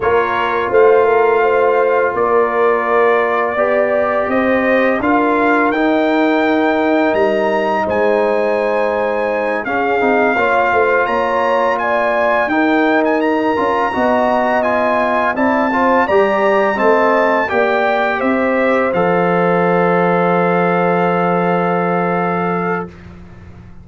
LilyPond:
<<
  \new Staff \with { instrumentName = "trumpet" } { \time 4/4 \tempo 4 = 84 cis''4 f''2 d''4~ | d''2 dis''4 f''4 | g''2 ais''4 gis''4~ | gis''4. f''2 ais''8~ |
ais''8 gis''4 g''8. gis''16 ais''4.~ | ais''8 gis''4 a''4 ais''4 a''8~ | a''8 g''4 e''4 f''4.~ | f''1 | }
  \new Staff \with { instrumentName = "horn" } { \time 4/4 ais'4 c''8 ais'8 c''4 ais'4~ | ais'4 d''4 c''4 ais'4~ | ais'2. c''4~ | c''4. gis'4 cis''8 c''8 cis''8~ |
cis''8 d''4 ais'2 dis''8~ | dis''4. d''8 c''8 d''4 dis''8~ | dis''8 d''4 c''2~ c''8~ | c''1 | }
  \new Staff \with { instrumentName = "trombone" } { \time 4/4 f'1~ | f'4 g'2 f'4 | dis'1~ | dis'4. cis'8 dis'8 f'4.~ |
f'4. dis'4. f'8 fis'8~ | fis'8 f'4 e'8 f'8 g'4 c'8~ | c'8 g'2 a'4.~ | a'1 | }
  \new Staff \with { instrumentName = "tuba" } { \time 4/4 ais4 a2 ais4~ | ais4 b4 c'4 d'4 | dis'2 g4 gis4~ | gis4. cis'8 c'8 ais8 a8 ais8~ |
ais4. dis'4. cis'8 b8~ | b4. c'4 g4 a8~ | a8 ais4 c'4 f4.~ | f1 | }
>>